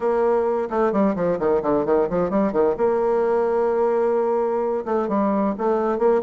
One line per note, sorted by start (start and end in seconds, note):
0.00 0.68 A#3
0.69 0.92 A3
0.92 1.15 G3
1.15 1.38 F3
1.39 1.62 D#3
1.62 1.85 D3
1.85 2.08 D#3
2.09 2.30 F3
2.30 2.52 G3
2.52 2.75 D#3
2.77 4.84 A#3
4.85 5.08 A3
5.08 5.54 G3
5.57 5.98 A3
5.98 6.21 A#3